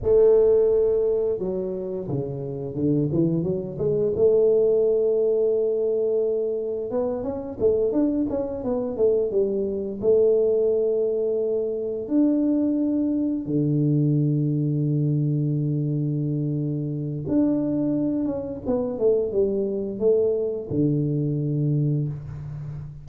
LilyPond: \new Staff \with { instrumentName = "tuba" } { \time 4/4 \tempo 4 = 87 a2 fis4 cis4 | d8 e8 fis8 gis8 a2~ | a2 b8 cis'8 a8 d'8 | cis'8 b8 a8 g4 a4.~ |
a4. d'2 d8~ | d1~ | d4 d'4. cis'8 b8 a8 | g4 a4 d2 | }